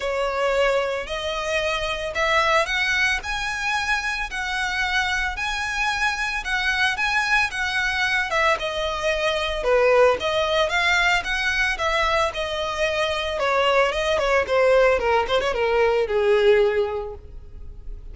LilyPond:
\new Staff \with { instrumentName = "violin" } { \time 4/4 \tempo 4 = 112 cis''2 dis''2 | e''4 fis''4 gis''2 | fis''2 gis''2 | fis''4 gis''4 fis''4. e''8 |
dis''2 b'4 dis''4 | f''4 fis''4 e''4 dis''4~ | dis''4 cis''4 dis''8 cis''8 c''4 | ais'8 c''16 cis''16 ais'4 gis'2 | }